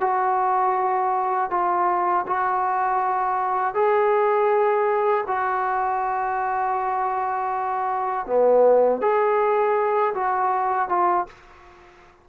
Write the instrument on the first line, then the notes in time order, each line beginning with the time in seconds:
trombone
0.00 F#4
1.50 F4
2.26 F#4
3.74 G#4
5.27 F#4
8.26 B3
9.01 G#4
10.14 F#4
10.89 F4